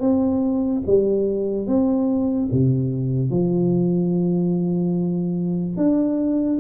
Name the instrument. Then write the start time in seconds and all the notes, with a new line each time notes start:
tuba
0.00 C4
0.86 G3
1.67 C4
2.51 C3
3.30 F3
5.76 D4